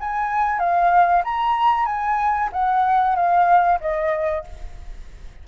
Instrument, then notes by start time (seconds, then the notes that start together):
flute
0.00 G#5
0.59 F5
1.24 A#5
1.86 G#5
2.52 F#5
3.15 F5
3.80 D#5